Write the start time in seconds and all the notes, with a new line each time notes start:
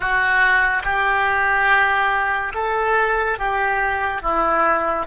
0.00 F#4
0.83 G4
2.54 A4
3.38 G4
4.22 E4